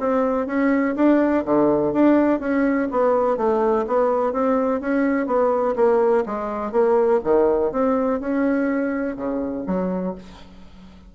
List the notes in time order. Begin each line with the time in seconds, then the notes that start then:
0.00 C4
0.47 C#4
0.96 D4
1.45 D3
1.93 D4
2.40 C#4
2.91 B3
3.37 A3
3.87 B3
4.33 C4
4.81 C#4
5.27 B3
5.76 A#3
6.26 G#3
6.72 A#3
7.24 D#3
7.72 C4
8.20 C#4
9.16 C#3
9.67 F#3